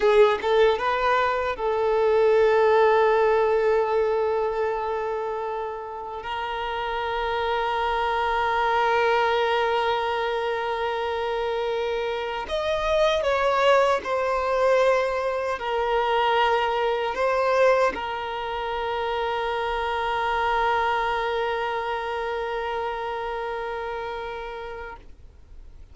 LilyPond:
\new Staff \with { instrumentName = "violin" } { \time 4/4 \tempo 4 = 77 gis'8 a'8 b'4 a'2~ | a'1 | ais'1~ | ais'1 |
dis''4 cis''4 c''2 | ais'2 c''4 ais'4~ | ais'1~ | ais'1 | }